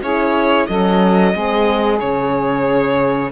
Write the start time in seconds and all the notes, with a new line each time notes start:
0.00 C#4 E4 G#4 C#5
0.66 F#3 C#4 A4 D#5
1.33 G#3 C4 G#4
1.99 C#3 C#4 C#5